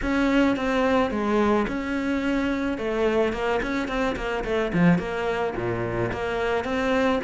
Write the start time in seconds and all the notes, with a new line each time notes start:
0.02 C#4
0.56 C4
1.10 G#3
1.67 C#4
2.78 A3
3.32 A#3
3.62 C#4
3.88 C4
4.16 A#3
4.44 A3
4.73 F3
4.98 A#3
5.56 A#2
6.12 A#3
6.64 C4